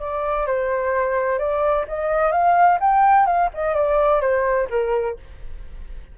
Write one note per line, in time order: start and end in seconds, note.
0.00 0.47 D5
0.47 1.39 C5
1.39 1.86 D5
1.88 2.32 D#5
2.32 2.79 F5
2.81 3.26 G5
3.26 3.50 F5
3.54 3.75 D#5
3.75 4.21 D5
4.21 4.68 C5
4.70 5.17 A#4